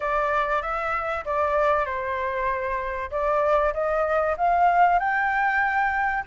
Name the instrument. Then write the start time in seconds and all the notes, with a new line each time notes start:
flute
0.00 D5
0.61 E5
1.25 D5
1.85 C5
3.10 D5
3.73 D#5
4.37 F5
4.99 G5